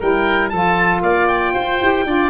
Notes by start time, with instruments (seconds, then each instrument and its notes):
0.00 tuba G3, saxophone E4, oboe A#4 G5
0.50 tuba F3, saxophone F4, oboe A4 A5
1.02 tuba A#3, oboe D5 F5
1.28 oboe G5
1.54 tuba F4, oboe C5
1.80 tuba E4, saxophone G4
2.05 tuba D4, saxophone F4, oboe D5